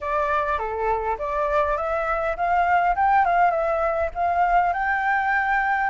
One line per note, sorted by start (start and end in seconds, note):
0.00 0.58 D5
0.58 1.17 A4
1.18 1.77 D5
1.77 2.36 E5
2.36 2.95 F5
2.95 3.25 G5
3.25 3.50 F5
3.50 4.09 E5
4.14 4.73 F5
4.73 5.90 G5